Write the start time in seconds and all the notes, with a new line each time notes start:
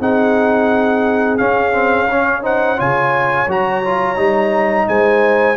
0.00 C4 D#4 G#4 F#5
1.37 C#4 F5
1.73 C4
2.09 C#4 C#5
2.42 D#4 C5 F#5
2.77 C#3 F4 C#5 G#5
3.47 F#3 F#4 A#5
3.85 F4
4.16 G3 D#4
4.88 G#3 C5 G#5